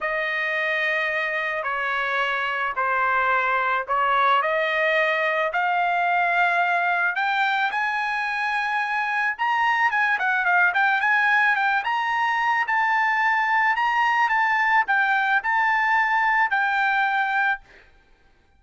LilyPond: \new Staff \with { instrumentName = "trumpet" } { \time 4/4 \tempo 4 = 109 dis''2. cis''4~ | cis''4 c''2 cis''4 | dis''2 f''2~ | f''4 g''4 gis''2~ |
gis''4 ais''4 gis''8 fis''8 f''8 g''8 | gis''4 g''8 ais''4. a''4~ | a''4 ais''4 a''4 g''4 | a''2 g''2 | }